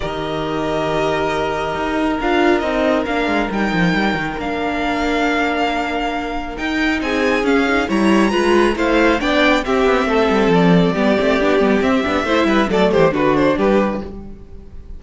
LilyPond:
<<
  \new Staff \with { instrumentName = "violin" } { \time 4/4 \tempo 4 = 137 dis''1~ | dis''4 f''4 dis''4 f''4 | g''2 f''2~ | f''2. g''4 |
gis''4 f''4 ais''2 | f''4 g''4 e''2 | d''2. e''4~ | e''4 d''8 c''8 b'8 c''8 b'4 | }
  \new Staff \with { instrumentName = "violin" } { \time 4/4 ais'1~ | ais'1~ | ais'1~ | ais'1 |
gis'2 cis''4 b'4 | c''4 d''4 g'4 a'4~ | a'4 g'2. | c''8 b'8 a'8 g'8 fis'4 g'4 | }
  \new Staff \with { instrumentName = "viola" } { \time 4/4 g'1~ | g'4 f'4 dis'4 d'4 | dis'2 d'2~ | d'2. dis'4~ |
dis'4 cis'8 dis'8 e'4 f'4 | e'4 d'4 c'2~ | c'4 b8 c'8 d'8 b8 c'8 d'8 | e'4 a4 d'2 | }
  \new Staff \with { instrumentName = "cello" } { \time 4/4 dis1 | dis'4 d'4 c'4 ais8 gis8 | g8 f8 g8 dis8 ais2~ | ais2. dis'4 |
c'4 cis'4 g4 gis4 | a4 b4 c'8 b8 a8 g8 | f4 g8 a8 b8 g8 c'8 b8 | a8 g8 fis8 e8 d4 g4 | }
>>